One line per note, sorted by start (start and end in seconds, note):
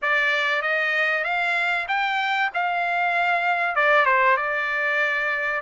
0.02 0.62 D5
0.62 1.23 D#5
1.23 1.86 F5
1.88 2.50 G5
2.54 3.75 F5
3.75 4.05 D5
4.05 4.36 C5
4.36 5.61 D5